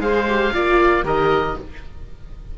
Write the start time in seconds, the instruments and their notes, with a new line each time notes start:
0.00 cello G#3, viola G#4, oboe C5 F5
0.29 viola G4
0.54 cello A#3, viola F4, oboe D5
1.04 cello D#3, viola G4, oboe A#4 D#5